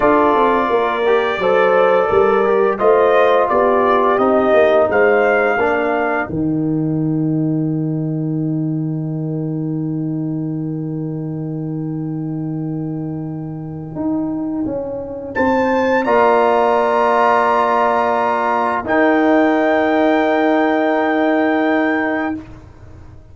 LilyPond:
<<
  \new Staff \with { instrumentName = "trumpet" } { \time 4/4 \tempo 4 = 86 d''1 | dis''4 d''4 dis''4 f''4~ | f''4 g''2.~ | g''1~ |
g''1~ | g''2 a''4 ais''4~ | ais''2. g''4~ | g''1 | }
  \new Staff \with { instrumentName = "horn" } { \time 4/4 a'4 ais'4 c''4 ais'4 | c''4 g'2 c''4 | ais'1~ | ais'1~ |
ais'1~ | ais'2 c''4 d''4~ | d''2. ais'4~ | ais'1 | }
  \new Staff \with { instrumentName = "trombone" } { \time 4/4 f'4. g'8 a'4. g'8 | f'2 dis'2 | d'4 dis'2.~ | dis'1~ |
dis'1~ | dis'2. f'4~ | f'2. dis'4~ | dis'1 | }
  \new Staff \with { instrumentName = "tuba" } { \time 4/4 d'8 c'8 ais4 fis4 g4 | a4 b4 c'8 ais8 gis4 | ais4 dis2.~ | dis1~ |
dis1 | dis'4 cis'4 c'4 ais4~ | ais2. dis'4~ | dis'1 | }
>>